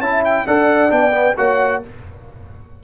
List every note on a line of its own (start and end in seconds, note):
0.00 0.45 C#4
0.00 0.47 E4
0.00 0.47 E5
0.00 0.24 A5
0.25 0.48 G5
0.47 0.92 D4
0.47 0.89 A4
0.47 1.38 D5
0.47 0.92 F#5
0.89 1.37 B3
0.89 1.12 D4
0.89 1.37 G5
1.12 1.34 B3
1.38 1.84 A#3
1.38 1.83 F#4
1.38 1.84 C#5
1.38 1.83 F#5